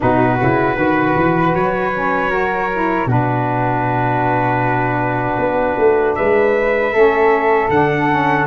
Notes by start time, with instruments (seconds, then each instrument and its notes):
0.00 tuba B2, saxophone D#4, flute F#4, trumpet B4
0.39 tuba C#3, saxophone E4
0.75 tuba D#3, saxophone F#4, flute B4
1.15 tuba E3
1.54 tuba F#3, trumpet C#5
1.94 saxophone C#4
2.29 saxophone F#4, flute A#4
2.72 saxophone E4
3.06 tuba B2, saxophone D4, flute F#4, trumpet B4
5.37 tuba B3
5.77 tuba A3
6.15 tuba G#3, flute B4, trumpet E5
6.92 tuba A3, saxophone C#4, flute A4
7.69 tuba D3, saxophone D4, trumpet F#5
8.09 saxophone C#4